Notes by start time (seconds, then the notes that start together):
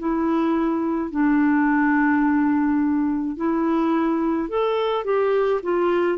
0.00 E4
1.11 D4
3.37 E4
4.49 A4
5.05 G4
5.63 F4